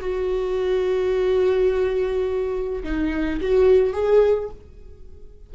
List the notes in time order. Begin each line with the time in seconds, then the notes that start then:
0.00 F#4
2.83 D#4
3.41 F#4
3.93 G#4